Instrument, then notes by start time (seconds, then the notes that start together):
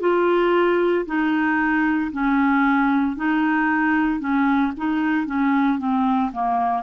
clarinet
0.00 F4
1.06 D#4
2.11 C#4
3.16 D#4
4.20 C#4
4.77 D#4
5.26 C#4
5.78 C4
6.33 A#3